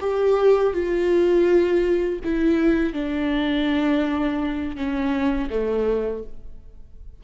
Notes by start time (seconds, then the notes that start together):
0.00 G4
0.73 F4
2.24 E4
2.93 D4
4.76 C#4
5.50 A3